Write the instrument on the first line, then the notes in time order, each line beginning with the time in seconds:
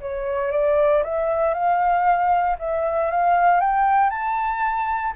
flute
0.00 C#5
0.51 D5
1.03 E5
1.54 F5
2.59 E5
3.10 F5
3.60 G5
4.10 A5